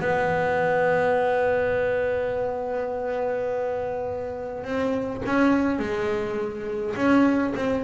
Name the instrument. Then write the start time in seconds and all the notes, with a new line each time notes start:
double bass
0.00 B3
4.64 C4
5.26 C#4
5.79 G#3
6.96 C#4
7.56 C4